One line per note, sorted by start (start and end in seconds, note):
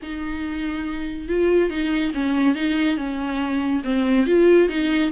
0.02 1.28 D#4
1.28 1.70 F4
1.70 2.12 D#4
2.14 2.55 C#4
2.55 2.97 D#4
2.97 3.82 C#4
3.84 4.26 C4
4.26 4.68 F4
4.68 5.11 D#4